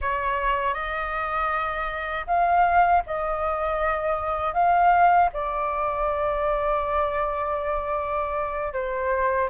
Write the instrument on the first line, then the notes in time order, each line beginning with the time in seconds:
flute
0.01 C#5
0.74 D#5
2.26 F5
3.06 D#5
4.53 F5
5.33 D5
8.73 C5